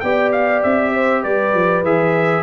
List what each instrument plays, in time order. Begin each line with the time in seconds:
0.00 tuba B3, trombone G4, horn D5, trumpet G5
0.32 trumpet F5
0.63 tuba C4, trumpet E5
0.94 horn C5
1.22 tuba G3, horn B4, trumpet D5
1.54 tuba F3
1.83 tuba E3, trombone G#4, trumpet E5